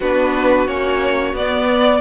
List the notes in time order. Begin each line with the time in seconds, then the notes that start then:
0.00 B3 D4 F#4 B4
0.67 A#3 C#4 C#5
1.33 B3 D5
1.71 D5